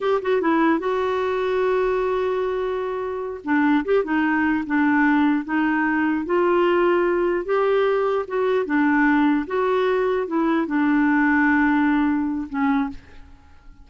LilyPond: \new Staff \with { instrumentName = "clarinet" } { \time 4/4 \tempo 4 = 149 g'8 fis'8 e'4 fis'2~ | fis'1~ | fis'8 d'4 g'8 dis'4. d'8~ | d'4. dis'2 f'8~ |
f'2~ f'8 g'4.~ | g'8 fis'4 d'2 fis'8~ | fis'4. e'4 d'4.~ | d'2. cis'4 | }